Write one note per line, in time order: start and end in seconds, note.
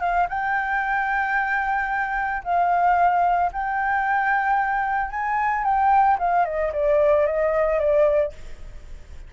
0.00 0.27 F5
0.29 2.43 G5
2.44 3.51 F5
3.52 5.10 G5
5.10 5.64 G#5
5.64 6.18 G5
6.19 6.45 F5
6.45 6.72 D#5
6.73 7.26 D5
7.26 7.79 D#5
7.79 8.33 D5